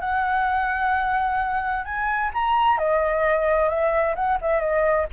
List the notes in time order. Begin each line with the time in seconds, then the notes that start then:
0.00 F#5
1.85 G#5
2.34 A#5
2.78 D#5
3.69 E5
4.15 F#5
4.41 E5
4.60 D#5